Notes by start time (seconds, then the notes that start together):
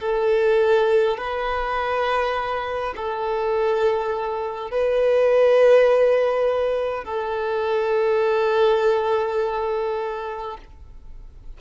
0.00 A4
1.17 B4
2.96 A4
4.71 B4
7.04 A4